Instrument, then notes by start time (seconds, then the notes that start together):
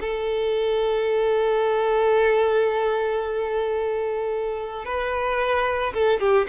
violin
0.00 A4
4.85 B4
5.93 A4
6.20 G4